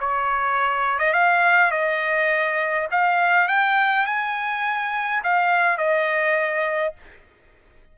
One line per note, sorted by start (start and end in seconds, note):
0.00 0.99 C#5
0.99 1.13 D#5
1.13 1.71 F5
1.71 2.88 D#5
2.91 3.48 F5
3.48 4.06 G5
4.06 5.23 G#5
5.23 5.77 F5
5.77 6.94 D#5